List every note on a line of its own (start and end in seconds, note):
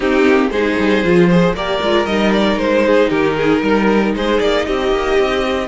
0.00 0.24 C4
0.00 0.52 C4
0.00 0.50 D#4
0.00 0.50 G4
0.25 0.50 A#3
0.50 0.76 G#3
0.50 1.04 D#4
0.50 1.29 G#4
0.50 1.53 C5
0.78 1.04 G3
1.04 1.53 F3
1.04 1.29 F4
1.29 1.56 G#4
1.29 1.55 C5
1.53 1.79 A#3
1.53 1.82 G4
1.53 2.86 A#4
1.53 2.05 D5
1.81 2.05 G#3
1.81 2.08 F4
2.05 2.55 G3
2.05 5.67 D#4
2.05 2.31 D#5
2.32 2.58 D5
2.55 3.07 G#3
2.55 3.09 C5
2.86 3.10 G#4
3.09 3.62 D#3
3.09 3.35 G4
3.09 4.13 A#4
3.36 3.62 G#4
3.62 4.13 G3
3.62 4.14 A#4
4.14 4.40 G#3
4.14 4.66 G#4
4.14 4.40 C5
4.40 4.66 A#3
4.40 4.65 D5
4.65 4.92 C4
4.65 5.67 G4
4.65 5.67 D#5
4.92 5.17 A#3
5.18 5.67 C4